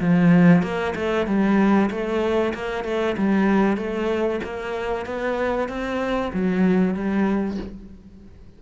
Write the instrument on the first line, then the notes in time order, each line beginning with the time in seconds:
cello
0.00 F3
0.63 A#3
0.95 A3
1.27 G3
1.90 A3
2.54 A#3
2.84 A3
3.17 G3
3.77 A3
4.44 A#3
5.06 B3
5.69 C4
6.33 F#3
6.94 G3